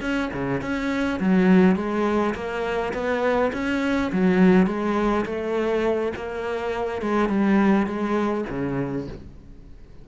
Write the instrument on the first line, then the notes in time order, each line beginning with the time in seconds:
cello
0.00 C#4
0.33 C#3
0.61 C#4
1.19 F#3
1.76 G#3
2.34 A#3
2.93 B3
3.53 C#4
4.11 F#3
4.66 G#3
5.25 A3
6.16 A#3
7.01 G#3
7.29 G3
7.86 G#3
8.49 C#3